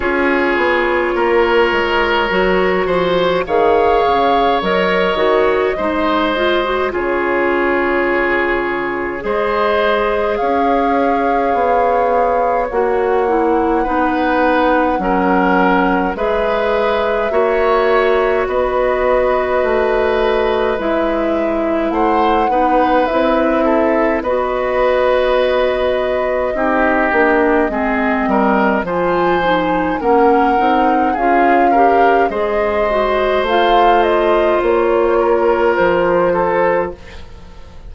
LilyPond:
<<
  \new Staff \with { instrumentName = "flute" } { \time 4/4 \tempo 4 = 52 cis''2. f''4 | dis''2 cis''2 | dis''4 f''2 fis''4~ | fis''2 e''2 |
dis''2 e''4 fis''4 | e''4 dis''2.~ | dis''4 gis''4 fis''4 f''4 | dis''4 f''8 dis''8 cis''4 c''4 | }
  \new Staff \with { instrumentName = "oboe" } { \time 4/4 gis'4 ais'4. c''8 cis''4~ | cis''4 c''4 gis'2 | c''4 cis''2. | b'4 ais'4 b'4 cis''4 |
b'2. c''8 b'8~ | b'8 a'8 b'2 g'4 | gis'8 ais'8 c''4 ais'4 gis'8 ais'8 | c''2~ c''8 ais'4 a'8 | }
  \new Staff \with { instrumentName = "clarinet" } { \time 4/4 f'2 fis'4 gis'4 | ais'8 fis'8 dis'8 f'16 fis'16 f'2 | gis'2. fis'8 e'8 | dis'4 cis'4 gis'4 fis'4~ |
fis'2 e'4. dis'8 | e'4 fis'2 dis'8 d'8 | c'4 f'8 dis'8 cis'8 dis'8 f'8 g'8 | gis'8 fis'8 f'2. | }
  \new Staff \with { instrumentName = "bassoon" } { \time 4/4 cis'8 b8 ais8 gis8 fis8 f8 dis8 cis8 | fis8 dis8 gis4 cis2 | gis4 cis'4 b4 ais4 | b4 fis4 gis4 ais4 |
b4 a4 gis4 a8 b8 | c'4 b2 c'8 ais8 | gis8 g8 f4 ais8 c'8 cis'4 | gis4 a4 ais4 f4 | }
>>